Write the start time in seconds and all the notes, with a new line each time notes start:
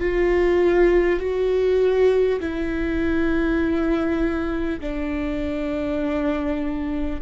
0.00 F4
1.19 F#4
2.41 E4
4.81 D4